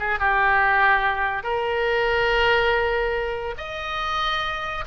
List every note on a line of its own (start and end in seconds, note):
0.00 0.19 G#4
0.19 1.44 G4
1.44 3.55 A#4
3.58 4.85 D#5